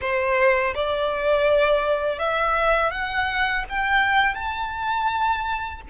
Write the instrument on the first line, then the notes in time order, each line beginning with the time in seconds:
violin
0.01 C5
0.74 D5
2.19 E5
2.91 F#5
3.69 G5
4.34 A5